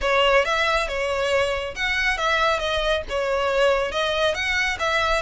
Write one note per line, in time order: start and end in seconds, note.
0.01 0.44 C#5
0.44 0.88 E5
0.88 1.75 C#5
1.75 2.17 F#5
2.17 2.59 E5
2.59 3.02 D#5
3.09 3.91 C#5
3.91 4.34 D#5
4.34 4.77 F#5
4.79 5.22 E5